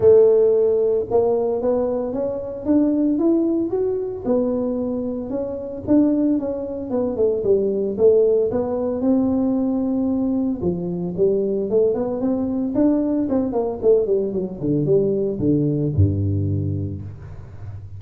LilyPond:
\new Staff \with { instrumentName = "tuba" } { \time 4/4 \tempo 4 = 113 a2 ais4 b4 | cis'4 d'4 e'4 fis'4 | b2 cis'4 d'4 | cis'4 b8 a8 g4 a4 |
b4 c'2. | f4 g4 a8 b8 c'4 | d'4 c'8 ais8 a8 g8 fis8 d8 | g4 d4 g,2 | }